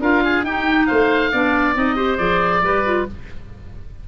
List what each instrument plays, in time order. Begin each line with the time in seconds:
0.00 tuba D4, clarinet F4, oboe A#4 F5
0.24 oboe G#4
0.43 tuba D#4, clarinet D#4, oboe G4 G5
0.87 tuba A3, oboe C5 F5
1.32 tuba B3, clarinet D4, oboe D5
1.75 tuba C4, clarinet D#4, oboe D#5
1.96 clarinet G4, oboe C5
2.18 tuba F3, clarinet G#4, oboe D5
2.62 tuba G3, clarinet G4, oboe B4
2.85 clarinet F4